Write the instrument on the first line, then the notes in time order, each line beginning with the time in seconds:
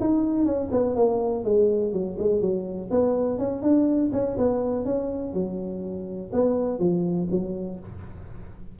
tuba
0.00 D#4
0.45 C#4
0.71 B3
0.95 A#3
1.44 G#3
1.92 F#3
2.18 G#3
2.41 F#3
2.91 B3
3.38 C#4
3.62 D4
4.12 C#4
4.37 B3
4.85 C#4
5.33 F#3
6.32 B3
6.79 F3
7.31 F#3